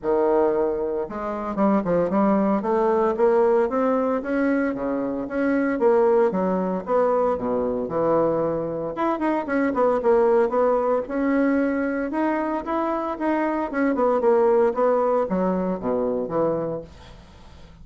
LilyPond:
\new Staff \with { instrumentName = "bassoon" } { \time 4/4 \tempo 4 = 114 dis2 gis4 g8 f8 | g4 a4 ais4 c'4 | cis'4 cis4 cis'4 ais4 | fis4 b4 b,4 e4~ |
e4 e'8 dis'8 cis'8 b8 ais4 | b4 cis'2 dis'4 | e'4 dis'4 cis'8 b8 ais4 | b4 fis4 b,4 e4 | }